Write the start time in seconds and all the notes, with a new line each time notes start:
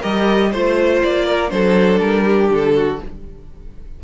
0.00 G3 G4 A#4 D#5
0.52 A3 F4 C5
1.02 A#3 D5
1.25 A#4
1.49 F#3 D4 A4 C5
2.00 G3 A#4
2.23 G4
2.50 D3 A4
2.75 F#4